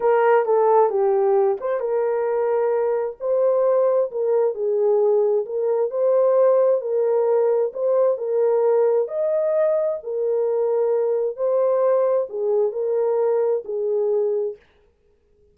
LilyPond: \new Staff \with { instrumentName = "horn" } { \time 4/4 \tempo 4 = 132 ais'4 a'4 g'4. c''8 | ais'2. c''4~ | c''4 ais'4 gis'2 | ais'4 c''2 ais'4~ |
ais'4 c''4 ais'2 | dis''2 ais'2~ | ais'4 c''2 gis'4 | ais'2 gis'2 | }